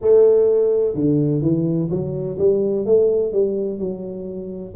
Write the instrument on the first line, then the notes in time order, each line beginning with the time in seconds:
tuba
0.01 A3
0.94 D3
1.41 E3
1.90 F#3
2.38 G3
2.85 A3
3.32 G3
3.78 F#3